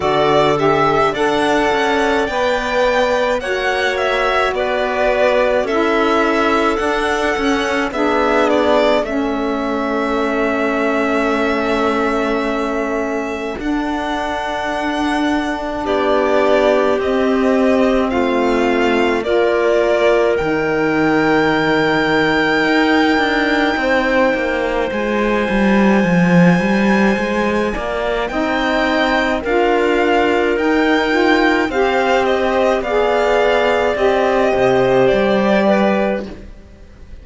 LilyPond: <<
  \new Staff \with { instrumentName = "violin" } { \time 4/4 \tempo 4 = 53 d''8 e''8 fis''4 g''4 fis''8 e''8 | d''4 e''4 fis''4 e''8 d''8 | e''1 | fis''2 d''4 dis''4 |
f''4 d''4 g''2~ | g''2 gis''2~ | gis''4 g''4 f''4 g''4 | f''8 dis''8 f''4 dis''4 d''4 | }
  \new Staff \with { instrumentName = "clarinet" } { \time 4/4 a'4 d''2 cis''4 | b'4 a'2 gis'4 | a'1~ | a'2 g'2 |
f'4 ais'2.~ | ais'4 c''2.~ | c''8 d''8 dis''4 ais'2 | c''4 d''4. c''4 b'8 | }
  \new Staff \with { instrumentName = "saxophone" } { \time 4/4 fis'8 g'8 a'4 b'4 fis'4~ | fis'4 e'4 d'8 cis'8 d'4 | cis'1 | d'2. c'4~ |
c'4 f'4 dis'2~ | dis'2 f'2~ | f'4 dis'4 f'4 dis'8 f'8 | g'4 gis'4 g'2 | }
  \new Staff \with { instrumentName = "cello" } { \time 4/4 d4 d'8 cis'8 b4 ais4 | b4 cis'4 d'8 cis'8 b4 | a1 | d'2 b4 c'4 |
a4 ais4 dis2 | dis'8 d'8 c'8 ais8 gis8 g8 f8 g8 | gis8 ais8 c'4 d'4 dis'4 | c'4 b4 c'8 c8 g4 | }
>>